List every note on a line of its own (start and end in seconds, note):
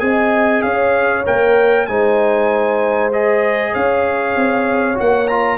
0.00 0.63 C4
0.00 1.24 G#4
0.00 0.65 D#5
0.00 0.62 G#5
0.62 1.26 C#4
0.62 1.89 C#5
0.62 1.24 F5
1.26 1.88 A#3
1.26 1.88 A#4
1.26 1.87 G5
1.87 3.74 G#3
1.87 3.12 D#4
1.87 3.73 C5
1.87 3.11 G#5
3.13 4.95 G#4
3.13 3.75 D#5
3.73 4.36 C#4
3.73 5.58 C#5
3.73 4.98 F5
4.36 4.98 C4
4.95 5.58 A#3
4.95 5.26 F#4
4.95 5.28 F#5
5.28 5.58 F4
5.28 5.58 A#5